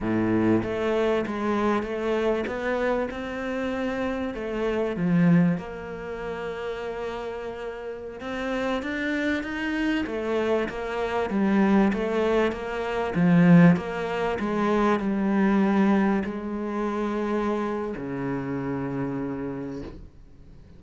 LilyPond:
\new Staff \with { instrumentName = "cello" } { \time 4/4 \tempo 4 = 97 a,4 a4 gis4 a4 | b4 c'2 a4 | f4 ais2.~ | ais4~ ais16 c'4 d'4 dis'8.~ |
dis'16 a4 ais4 g4 a8.~ | a16 ais4 f4 ais4 gis8.~ | gis16 g2 gis4.~ gis16~ | gis4 cis2. | }